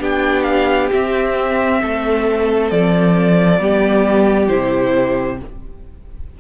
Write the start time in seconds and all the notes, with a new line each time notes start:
0.00 B3 D4 G4 G5
0.42 F5
0.92 C4 E5
1.82 A3 A4
2.70 F3 D5
3.59 G3 B3 G4
4.48 C3 E4 C5